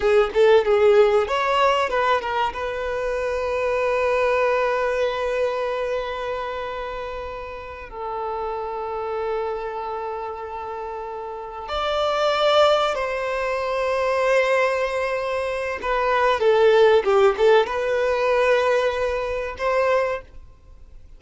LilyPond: \new Staff \with { instrumentName = "violin" } { \time 4/4 \tempo 4 = 95 gis'8 a'8 gis'4 cis''4 b'8 ais'8 | b'1~ | b'1~ | b'8 a'2.~ a'8~ |
a'2~ a'8 d''4.~ | d''8 c''2.~ c''8~ | c''4 b'4 a'4 g'8 a'8 | b'2. c''4 | }